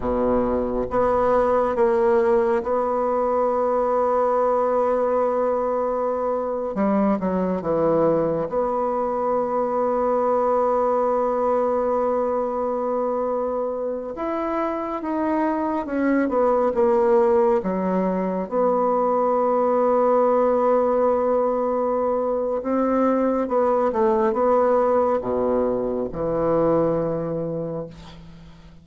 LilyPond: \new Staff \with { instrumentName = "bassoon" } { \time 4/4 \tempo 4 = 69 b,4 b4 ais4 b4~ | b2.~ b8. g16~ | g16 fis8 e4 b2~ b16~ | b1~ |
b16 e'4 dis'4 cis'8 b8 ais8.~ | ais16 fis4 b2~ b8.~ | b2 c'4 b8 a8 | b4 b,4 e2 | }